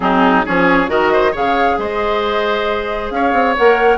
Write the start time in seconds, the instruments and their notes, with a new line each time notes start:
0.00 bassoon F#3, clarinet C4, oboe D#4, flute G#4
0.45 bassoon F3, clarinet C#4, oboe G#4, flute C#5
0.87 bassoon D#3, clarinet F#4, oboe A#4, flute D#5
1.12 oboe C5
1.31 bassoon C#3, clarinet G#4, oboe C#5, flute F5
1.78 bassoon G#3, oboe C5, flute D#5
3.10 bassoon C#4, oboe C#5, flute F5
3.32 bassoon C4
3.57 bassoon A#3, clarinet A#4, flute F#5